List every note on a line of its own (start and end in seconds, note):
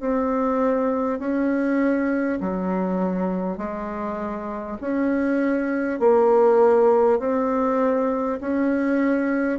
0.00 1.19 C4
1.19 2.39 C#4
2.41 3.58 F#3
3.58 4.78 G#3
4.81 6.00 C#4
6.00 7.19 A#3
7.19 8.39 C4
8.41 9.59 C#4